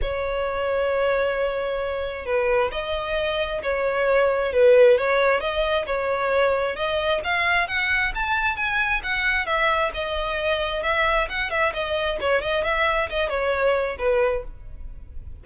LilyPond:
\new Staff \with { instrumentName = "violin" } { \time 4/4 \tempo 4 = 133 cis''1~ | cis''4 b'4 dis''2 | cis''2 b'4 cis''4 | dis''4 cis''2 dis''4 |
f''4 fis''4 a''4 gis''4 | fis''4 e''4 dis''2 | e''4 fis''8 e''8 dis''4 cis''8 dis''8 | e''4 dis''8 cis''4. b'4 | }